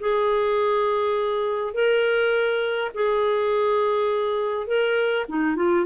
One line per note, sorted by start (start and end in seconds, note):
0.00 1.73 G#4
1.73 2.91 A#4
2.94 4.67 G#4
4.67 5.25 A#4
5.28 5.55 D#4
5.55 5.85 F4